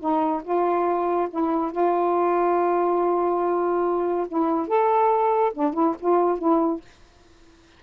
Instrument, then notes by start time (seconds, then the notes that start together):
saxophone
0.00 D#4
0.44 F4
1.31 E4
1.72 F4
4.29 E4
4.68 A4
5.54 D4
5.74 E4
6.00 F4
6.39 E4